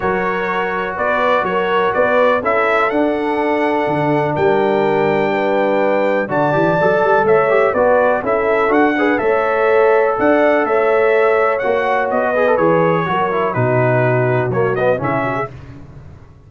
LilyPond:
<<
  \new Staff \with { instrumentName = "trumpet" } { \time 4/4 \tempo 4 = 124 cis''2 d''4 cis''4 | d''4 e''4 fis''2~ | fis''4 g''2.~ | g''4 a''2 e''4 |
d''4 e''4 fis''4 e''4~ | e''4 fis''4 e''2 | fis''4 dis''4 cis''2 | b'2 cis''8 dis''8 e''4 | }
  \new Staff \with { instrumentName = "horn" } { \time 4/4 ais'2 b'4 ais'4 | b'4 a'2.~ | a'4 ais'2 b'4~ | b'4 d''2 cis''4 |
b'4 a'4. b'8 cis''4~ | cis''4 d''4 cis''2~ | cis''4. b'4. ais'4 | fis'2. e'8 fis'16 gis'16 | }
  \new Staff \with { instrumentName = "trombone" } { \time 4/4 fis'1~ | fis'4 e'4 d'2~ | d'1~ | d'4 fis'8 g'8 a'4. g'8 |
fis'4 e'4 fis'8 gis'8 a'4~ | a'1 | fis'4. gis'16 a'16 gis'4 fis'8 e'8 | dis'2 ais8 b8 cis'4 | }
  \new Staff \with { instrumentName = "tuba" } { \time 4/4 fis2 b4 fis4 | b4 cis'4 d'2 | d4 g2.~ | g4 d8 e8 fis8 g8 a4 |
b4 cis'4 d'4 a4~ | a4 d'4 a2 | ais4 b4 e4 fis4 | b,2 fis4 cis4 | }
>>